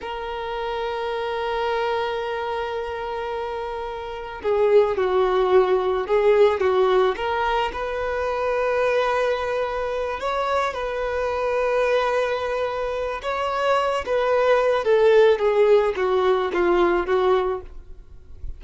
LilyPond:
\new Staff \with { instrumentName = "violin" } { \time 4/4 \tempo 4 = 109 ais'1~ | ais'1 | gis'4 fis'2 gis'4 | fis'4 ais'4 b'2~ |
b'2~ b'8 cis''4 b'8~ | b'1 | cis''4. b'4. a'4 | gis'4 fis'4 f'4 fis'4 | }